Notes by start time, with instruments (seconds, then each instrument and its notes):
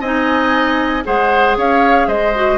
0.00 bassoon C4, clarinet D#4, oboe D#5, flute G#5
1.04 bassoon G#3, clarinet G#4, oboe C5, flute F#5
1.57 bassoon C#4, oboe C#5, flute F5
2.07 bassoon G#3, oboe C5, flute D#5
2.35 clarinet F#4